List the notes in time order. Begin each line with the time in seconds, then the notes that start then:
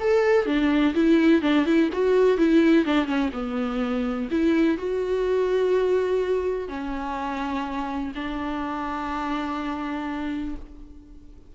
0.00 A4
0.46 D4
0.94 E4
1.42 D4
1.66 E4
1.93 F#4
2.38 E4
2.85 D4
3.05 C#4
3.33 B3
4.30 E4
4.77 F#4
6.68 C#4
8.15 D4